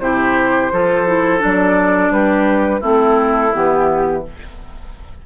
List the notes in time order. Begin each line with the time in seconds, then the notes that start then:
0.00 C3 E4 G4 C5
0.73 F3 F4 A4
1.07 E4
1.40 F#3 D4 D5
2.11 G3 G4 B4
2.81 A3 C4 E4 A4
3.53 E3 B3 G4